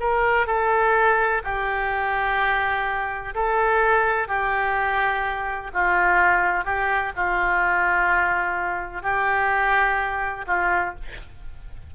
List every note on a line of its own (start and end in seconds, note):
0.00 0.47 A#4
0.47 1.42 A4
1.44 3.34 G4
3.35 4.28 A4
4.28 5.71 G4
5.74 6.65 F4
6.65 7.13 G4
7.16 9.03 F4
9.03 10.45 G4
10.47 10.95 F4